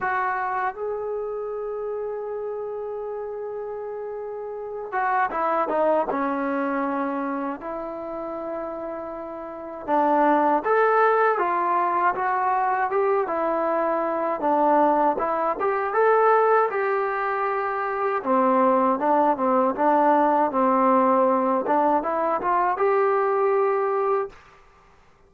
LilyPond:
\new Staff \with { instrumentName = "trombone" } { \time 4/4 \tempo 4 = 79 fis'4 gis'2.~ | gis'2~ gis'8 fis'8 e'8 dis'8 | cis'2 e'2~ | e'4 d'4 a'4 f'4 |
fis'4 g'8 e'4. d'4 | e'8 g'8 a'4 g'2 | c'4 d'8 c'8 d'4 c'4~ | c'8 d'8 e'8 f'8 g'2 | }